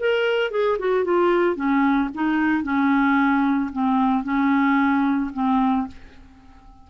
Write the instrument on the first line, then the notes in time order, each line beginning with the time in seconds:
clarinet
0.00 A#4
0.51 G#4
0.79 F#4
1.04 F4
1.56 C#4
2.15 D#4
2.63 C#4
3.73 C4
4.24 C#4
5.34 C4